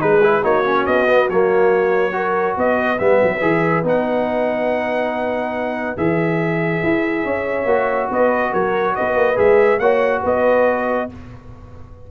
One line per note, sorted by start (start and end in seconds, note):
0.00 0.44 G#3
0.00 0.21 D#4
0.00 0.42 G#4
0.00 0.44 B4
0.23 0.43 E4
0.42 0.86 A#3
0.42 0.64 D#4
0.42 2.12 F#4
0.42 0.86 C#5
0.65 1.07 C#4
0.86 1.29 B3
0.86 1.29 D#5
1.08 1.29 B3
1.29 2.57 F#3
1.29 2.12 A#3
1.29 2.58 C#5
2.12 2.97 F#4
2.12 2.58 A#4
2.57 3.00 B3
2.57 7.24 B4
2.57 2.99 D#5
2.98 3.22 G3
2.98 3.41 B3
2.98 3.84 E5
3.23 3.42 F#3
3.41 3.83 E3
3.41 3.84 G#4
3.83 5.96 B3
3.83 5.97 D#4
3.83 5.98 F#5
5.97 6.82 E3
5.97 7.67 G#4
5.97 8.10 E5
6.84 7.25 E4
7.24 7.66 C#4
7.24 8.09 C#5
7.66 8.08 A#3
7.66 9.36 F#4
8.11 8.53 B3
8.11 8.53 B4
8.11 8.53 D#5
8.53 8.96 F#3
8.53 8.95 A#4
8.53 8.96 C#5
8.96 9.16 B3
8.96 9.81 B4
8.96 9.38 D#5
9.16 9.37 A#3
9.36 9.79 G#3
9.36 9.79 G#4
9.36 9.79 E5
9.79 10.22 A#3
9.79 11.09 F#4
9.79 10.21 C#5
9.79 10.22 F#5
10.21 11.10 B3
10.21 11.06 B4
10.21 11.11 D#5